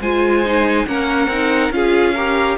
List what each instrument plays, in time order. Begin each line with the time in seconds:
0.00 cello G#3, viola F4, violin C5 G#5
0.46 viola D#4
0.86 cello A#3, viola C#4, violin A#4 F#5
1.27 cello C4, viola D#4
1.70 cello C#4, viola F4, violin G#4 F5
2.14 viola G4, violin A#4